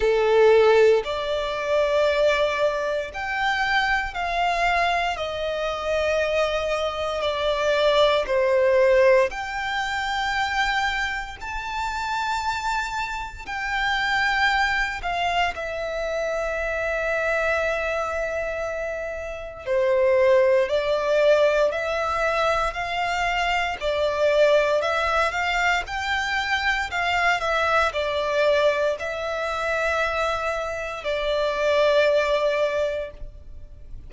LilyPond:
\new Staff \with { instrumentName = "violin" } { \time 4/4 \tempo 4 = 58 a'4 d''2 g''4 | f''4 dis''2 d''4 | c''4 g''2 a''4~ | a''4 g''4. f''8 e''4~ |
e''2. c''4 | d''4 e''4 f''4 d''4 | e''8 f''8 g''4 f''8 e''8 d''4 | e''2 d''2 | }